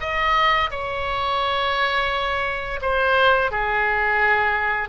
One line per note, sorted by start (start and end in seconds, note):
0.00 0.70 D#5
0.70 2.80 C#5
2.81 3.51 C5
3.51 4.89 G#4